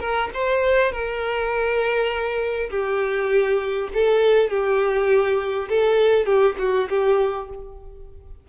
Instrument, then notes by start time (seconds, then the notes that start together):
violin
0.00 A#4
0.34 C5
0.92 A#4
2.70 G4
3.94 A4
4.50 G4
5.69 A4
6.26 G4
6.59 F#4
6.90 G4